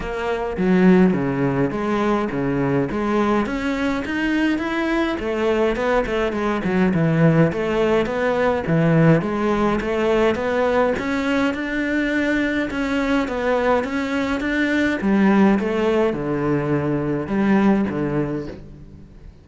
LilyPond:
\new Staff \with { instrumentName = "cello" } { \time 4/4 \tempo 4 = 104 ais4 fis4 cis4 gis4 | cis4 gis4 cis'4 dis'4 | e'4 a4 b8 a8 gis8 fis8 | e4 a4 b4 e4 |
gis4 a4 b4 cis'4 | d'2 cis'4 b4 | cis'4 d'4 g4 a4 | d2 g4 d4 | }